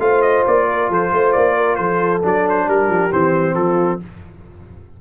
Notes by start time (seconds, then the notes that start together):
0.00 A3 F4 C5 F5
0.22 D#5
0.47 A#3 D5
0.70 A#4
0.90 F3 A4 C5
1.13 A3 C5
1.33 A#3 D5
1.57 A#4
1.76 F3 A4 C5
2.24 F#3 D4 D5
2.50 C5
2.67 G3 G4 A#4
2.88 F3
3.12 E3 C4 C5
3.55 F3 F4 A4